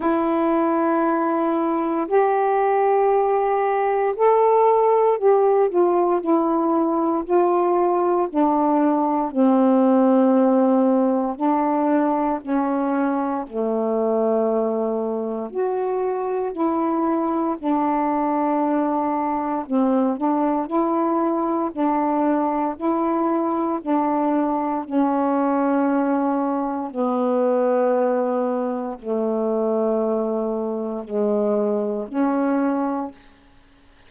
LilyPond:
\new Staff \with { instrumentName = "saxophone" } { \time 4/4 \tempo 4 = 58 e'2 g'2 | a'4 g'8 f'8 e'4 f'4 | d'4 c'2 d'4 | cis'4 a2 fis'4 |
e'4 d'2 c'8 d'8 | e'4 d'4 e'4 d'4 | cis'2 b2 | a2 gis4 cis'4 | }